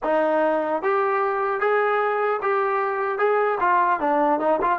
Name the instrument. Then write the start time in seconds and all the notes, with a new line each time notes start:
trombone
0.03 D#4
0.82 G4
1.60 G#4
2.42 G4
3.18 G#4
3.60 F4
4.00 D4
4.39 D#4
4.61 F4